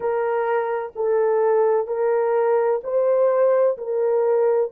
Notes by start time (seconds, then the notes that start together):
0.00 A#4
0.95 A4
1.87 A#4
2.83 C5
3.77 A#4